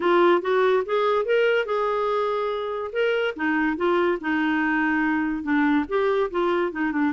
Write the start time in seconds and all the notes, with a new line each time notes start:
0.00 F4
0.41 F#4
0.85 G#4
1.25 A#4
1.65 G#4
2.92 A#4
3.35 D#4
3.76 F4
4.20 D#4
5.43 D4
5.88 G4
6.31 F4
6.72 D#4
6.92 D4